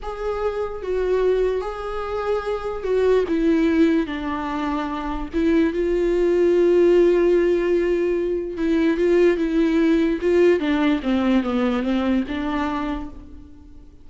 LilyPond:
\new Staff \with { instrumentName = "viola" } { \time 4/4 \tempo 4 = 147 gis'2 fis'2 | gis'2. fis'4 | e'2 d'2~ | d'4 e'4 f'2~ |
f'1~ | f'4 e'4 f'4 e'4~ | e'4 f'4 d'4 c'4 | b4 c'4 d'2 | }